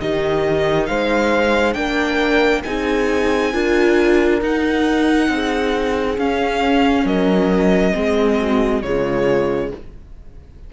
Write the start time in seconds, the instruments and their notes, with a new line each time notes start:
0.00 cello D#3, viola D#4, horn G4, violin D#5
0.86 cello G#3, horn C5, violin F5
1.74 cello A#3, viola D4, horn A#4, violin G5
2.63 cello C4, viola D#4, horn G#4, violin G#5
3.53 cello D4, viola F4, horn A#4
4.42 cello D#4, viola D#4, violin F#5
5.29 cello C4, horn G#4
6.18 viola C#4, cello C#4, violin F5
7.05 cello F#3, horn A#4, violin D#5
7.93 cello G#3, viola C4, horn G#4
8.39 horn F#4
8.83 cello C#3, viola G#3, horn F4, violin C#5